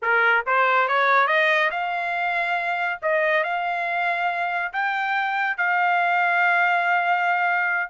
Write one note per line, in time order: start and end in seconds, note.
0.02 0.44 A#4
0.46 0.87 C5
0.87 1.27 C#5
1.27 1.70 D#5
1.70 2.99 F5
3.01 3.43 D#5
3.43 4.72 F5
4.73 5.57 G5
5.57 7.90 F5